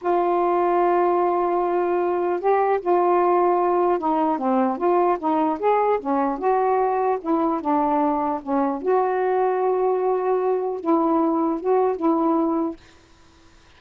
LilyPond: \new Staff \with { instrumentName = "saxophone" } { \time 4/4 \tempo 4 = 150 f'1~ | f'2 g'4 f'4~ | f'2 dis'4 c'4 | f'4 dis'4 gis'4 cis'4 |
fis'2 e'4 d'4~ | d'4 cis'4 fis'2~ | fis'2. e'4~ | e'4 fis'4 e'2 | }